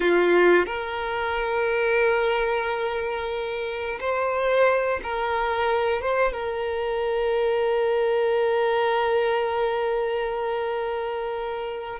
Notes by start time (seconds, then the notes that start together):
0.00 F4
0.65 A#4
4.00 C5
5.03 A#4
6.01 C5
6.32 A#4